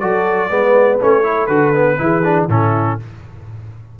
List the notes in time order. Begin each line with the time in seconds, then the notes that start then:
0.00 F#3 F#4 A4 D5
0.49 G#3 B3 B4
1.00 A3 C#4 C#5
1.24 E4 A4
1.46 D3 F#4 B4
1.74 B3
1.98 E3 E4 G#4
2.24 D4
2.48 A2 C#4 E4 A4